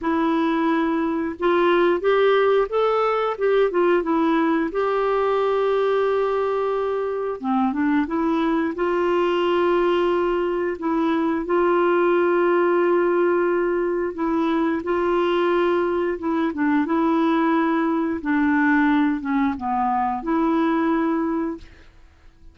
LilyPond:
\new Staff \with { instrumentName = "clarinet" } { \time 4/4 \tempo 4 = 89 e'2 f'4 g'4 | a'4 g'8 f'8 e'4 g'4~ | g'2. c'8 d'8 | e'4 f'2. |
e'4 f'2.~ | f'4 e'4 f'2 | e'8 d'8 e'2 d'4~ | d'8 cis'8 b4 e'2 | }